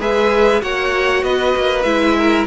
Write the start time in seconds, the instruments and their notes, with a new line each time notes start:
0.00 cello G#3, viola G#4, violin B4 E5
0.61 cello A#3, viola F#4, violin C#5 F#5
1.24 cello B3, violin B4 D#5
1.57 cello A#3
1.83 cello G#3, viola E4, violin E5
2.18 violin A#4